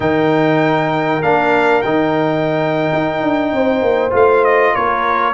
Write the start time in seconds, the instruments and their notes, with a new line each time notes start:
0.00 tuba D#3, trombone D#4, horn A#4, trumpet G5
1.21 tuba A#3, trombone D4, trumpet F5
1.81 tuba D#3, trombone D#4, trumpet G5
2.93 tuba D#4
3.21 tuba D4
3.52 tuba C4, horn C5
3.81 tuba A#3
4.10 tuba A3, trombone F4, trumpet F5
4.44 trumpet D#5
4.74 tuba A#3, horn A#4, trumpet C#5